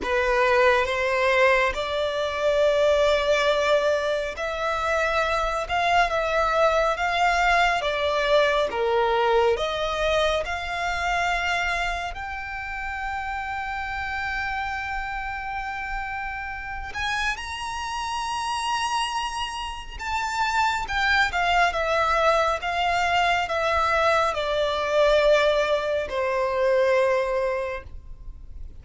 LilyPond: \new Staff \with { instrumentName = "violin" } { \time 4/4 \tempo 4 = 69 b'4 c''4 d''2~ | d''4 e''4. f''8 e''4 | f''4 d''4 ais'4 dis''4 | f''2 g''2~ |
g''2.~ g''8 gis''8 | ais''2. a''4 | g''8 f''8 e''4 f''4 e''4 | d''2 c''2 | }